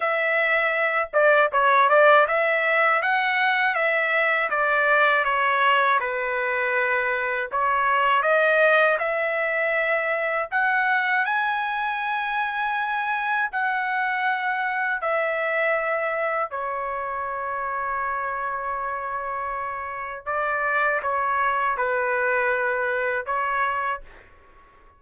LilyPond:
\new Staff \with { instrumentName = "trumpet" } { \time 4/4 \tempo 4 = 80 e''4. d''8 cis''8 d''8 e''4 | fis''4 e''4 d''4 cis''4 | b'2 cis''4 dis''4 | e''2 fis''4 gis''4~ |
gis''2 fis''2 | e''2 cis''2~ | cis''2. d''4 | cis''4 b'2 cis''4 | }